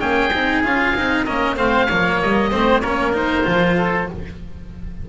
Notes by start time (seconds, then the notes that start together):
0.00 A#3 C#4 G#4 G5
0.34 C4 D#4
0.65 C#4 F4 F5
0.96 C4 D#4
1.25 A#3 C#4 A#4 D#5
1.57 A3 C4 C5 F5
1.88 F3 A#3 C#5
2.23 G3 D#5
2.52 A3 C4 C5
2.81 A#3 C#4 A#4 C#5
3.13 D#4 C5
3.44 F3 F4
3.77 A4